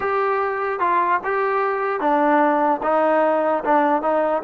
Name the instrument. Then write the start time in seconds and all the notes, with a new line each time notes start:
trombone
0.00 G4
0.79 F4
1.23 G4
2.00 D4
2.82 D#4
3.64 D4
4.02 D#4